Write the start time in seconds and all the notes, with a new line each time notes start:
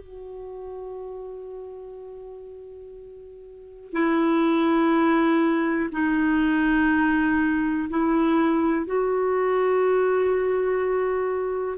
0.00 F#4
3.93 E4
5.92 D#4
7.90 E4
8.86 F#4